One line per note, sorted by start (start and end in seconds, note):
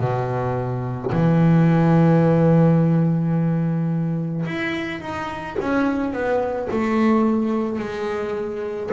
0.00 1.11 B2
1.12 4.45 E3
4.46 5.01 E4
5.01 5.57 D#4
5.60 6.13 C#4
6.13 6.68 B3
6.71 7.79 A3
7.79 8.90 G#3